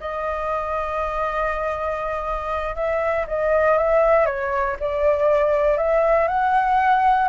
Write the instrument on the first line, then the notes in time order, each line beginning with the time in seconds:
flute
0.00 D#5
2.75 E5
3.27 D#5
3.77 E5
4.26 C#5
4.79 D5
5.77 E5
6.28 F#5